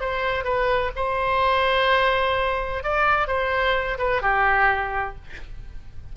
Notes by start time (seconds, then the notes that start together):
0.00 C5
0.44 B4
0.96 C5
2.83 D5
3.27 C5
3.98 B4
4.21 G4